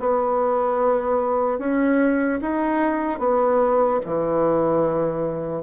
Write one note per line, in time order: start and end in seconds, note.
0.00 1.59 B3
1.59 2.40 C#4
2.41 3.19 D#4
3.19 4.00 B3
4.06 5.63 E3